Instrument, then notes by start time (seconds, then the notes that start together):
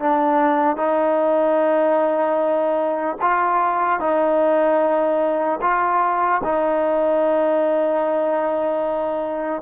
trombone
0.00 D4
0.77 D#4
3.22 F4
4.00 D#4
5.62 F4
6.44 D#4